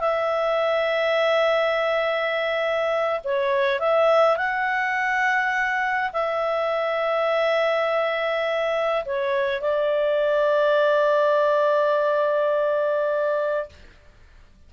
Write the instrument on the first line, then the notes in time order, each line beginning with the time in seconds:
clarinet
0.00 E5
3.24 C#5
3.80 E5
4.37 F#5
6.13 E5
9.05 C#5
9.61 D5